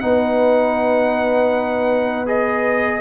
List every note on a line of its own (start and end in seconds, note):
0.00 3.01 B3
0.00 2.26 D#4
0.00 3.01 B4
0.00 2.25 F#5
2.26 3.01 G#4
2.26 3.01 D#5